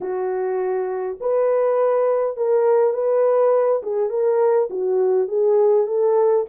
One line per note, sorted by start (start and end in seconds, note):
0.01 1.18 F#4
1.20 2.36 B4
2.36 2.93 A#4
2.93 3.82 B4
3.82 4.09 G#4
4.09 4.68 A#4
4.70 5.28 F#4
5.28 5.86 G#4
5.86 6.45 A4